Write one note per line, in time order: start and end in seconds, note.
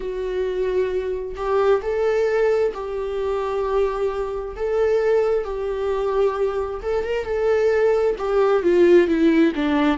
0.00 1.35 F#4
1.36 1.81 G4
1.82 2.73 A4
2.74 4.55 G4
4.55 5.44 A4
5.44 6.81 G4
6.82 7.04 A4
7.04 7.24 A#4
7.24 8.15 A4
8.18 8.62 G4
8.62 9.07 F4
9.07 9.52 E4
9.55 9.98 D4